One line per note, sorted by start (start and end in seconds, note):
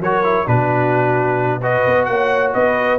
0.00 0.46 F#3
0.00 0.24 F#4
0.00 0.47 A#4
0.00 0.47 C#5
0.24 0.46 E4
0.46 1.85 B2
0.46 1.60 D4
0.46 1.60 F#4
0.46 1.62 B4
1.60 2.99 F#4
1.60 2.06 B4
1.60 2.05 D#5
1.86 2.08 B3
2.05 2.53 A#3
2.05 2.54 C#5
2.05 2.50 F#5
2.53 2.99 B3
2.53 2.99 B4
2.53 2.99 D#5